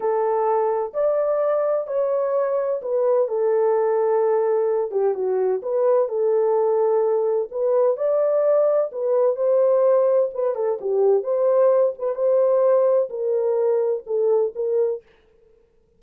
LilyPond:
\new Staff \with { instrumentName = "horn" } { \time 4/4 \tempo 4 = 128 a'2 d''2 | cis''2 b'4 a'4~ | a'2~ a'8 g'8 fis'4 | b'4 a'2. |
b'4 d''2 b'4 | c''2 b'8 a'8 g'4 | c''4. b'8 c''2 | ais'2 a'4 ais'4 | }